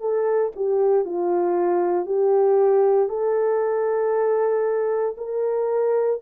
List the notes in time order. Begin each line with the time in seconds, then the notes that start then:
0.00 A4
0.55 G4
1.05 F4
2.05 G4
3.08 A4
5.17 A#4